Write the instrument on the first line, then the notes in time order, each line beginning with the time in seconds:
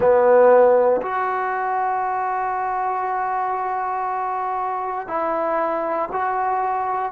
trombone
0.00 B3
1.01 F#4
5.07 E4
6.12 F#4